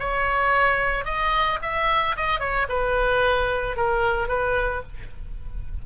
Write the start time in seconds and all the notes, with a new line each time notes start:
0.00 C#5
1.05 D#5
1.62 E5
2.16 D#5
2.40 C#5
2.69 B4
3.77 A#4
4.28 B4